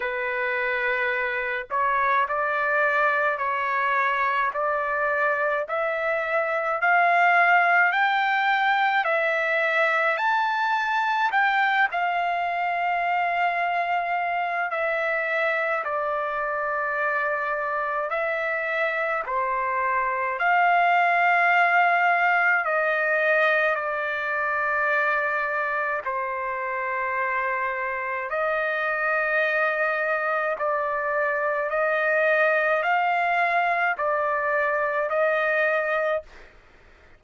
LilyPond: \new Staff \with { instrumentName = "trumpet" } { \time 4/4 \tempo 4 = 53 b'4. cis''8 d''4 cis''4 | d''4 e''4 f''4 g''4 | e''4 a''4 g''8 f''4.~ | f''4 e''4 d''2 |
e''4 c''4 f''2 | dis''4 d''2 c''4~ | c''4 dis''2 d''4 | dis''4 f''4 d''4 dis''4 | }